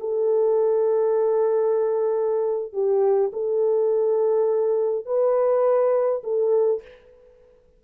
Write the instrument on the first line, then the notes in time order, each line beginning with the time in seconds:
horn
0.00 A4
2.73 G4
3.33 A4
5.05 B4
6.24 A4